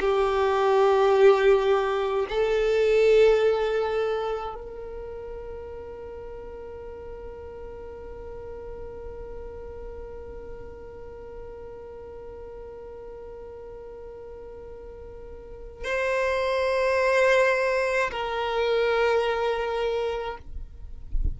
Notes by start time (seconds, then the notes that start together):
0.00 G4
2.28 A4
4.54 A#4
15.84 C5
18.11 A#4